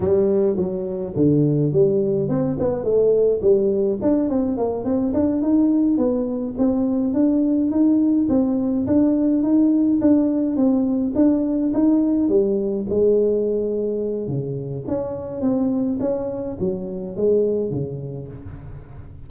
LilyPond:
\new Staff \with { instrumentName = "tuba" } { \time 4/4 \tempo 4 = 105 g4 fis4 d4 g4 | c'8 b8 a4 g4 d'8 c'8 | ais8 c'8 d'8 dis'4 b4 c'8~ | c'8 d'4 dis'4 c'4 d'8~ |
d'8 dis'4 d'4 c'4 d'8~ | d'8 dis'4 g4 gis4.~ | gis4 cis4 cis'4 c'4 | cis'4 fis4 gis4 cis4 | }